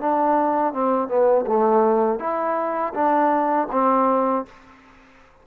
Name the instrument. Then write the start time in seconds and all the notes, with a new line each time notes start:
trombone
0.00 D4
0.73 C4
1.08 B3
1.46 A3
2.19 E4
2.94 D4
3.71 C4